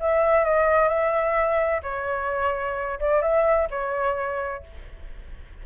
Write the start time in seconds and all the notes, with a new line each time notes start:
0.00 E5
0.44 D#5
0.88 E5
1.83 C#5
3.00 D5
3.22 E5
3.70 C#5